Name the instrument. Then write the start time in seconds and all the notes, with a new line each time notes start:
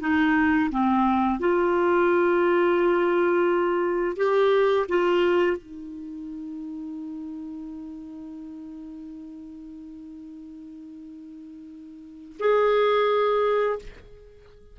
clarinet
0.00 D#4
0.71 C4
1.40 F4
4.17 G4
4.88 F4
5.57 D#4
12.39 G#4